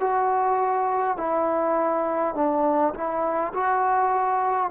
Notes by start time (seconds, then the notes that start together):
0.00 F#4
1.18 E4
2.35 D4
2.94 E4
3.53 F#4